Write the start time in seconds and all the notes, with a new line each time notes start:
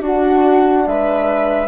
0.00 D4 F#4 F#5
0.86 G#3 B4 E5